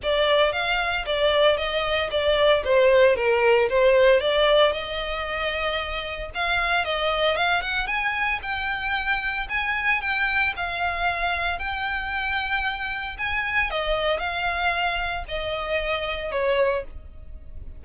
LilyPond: \new Staff \with { instrumentName = "violin" } { \time 4/4 \tempo 4 = 114 d''4 f''4 d''4 dis''4 | d''4 c''4 ais'4 c''4 | d''4 dis''2. | f''4 dis''4 f''8 fis''8 gis''4 |
g''2 gis''4 g''4 | f''2 g''2~ | g''4 gis''4 dis''4 f''4~ | f''4 dis''2 cis''4 | }